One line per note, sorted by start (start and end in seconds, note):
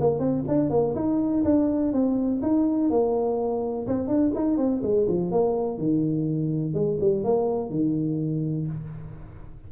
0.00 0.19 A#3
0.19 0.44 C4
0.48 0.70 D4
0.70 0.94 A#3
0.95 1.43 D#4
1.44 1.93 D4
1.93 2.41 C4
2.42 2.90 D#4
2.90 3.87 A#3
3.87 4.08 C4
4.08 4.32 D4
4.35 4.57 D#4
4.57 4.82 C4
4.83 5.07 G#3
5.08 5.31 F3
5.31 5.78 A#3
5.78 6.74 D#3
6.74 6.98 G#3
7.01 7.24 G3
7.24 7.70 A#3
7.70 8.67 D#3